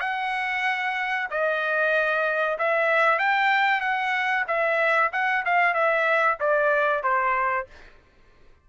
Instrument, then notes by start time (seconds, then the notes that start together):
trumpet
0.00 F#5
1.30 D#5
2.58 E5
3.19 G5
3.81 F#5
4.47 E5
5.12 F#5
5.45 F5
5.74 E5
6.40 D5
7.03 C5